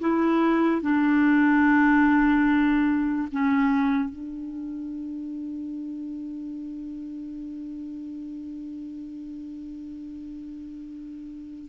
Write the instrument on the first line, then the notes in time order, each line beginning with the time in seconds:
clarinet
0.00 E4
0.82 D4
3.32 C#4
4.10 D4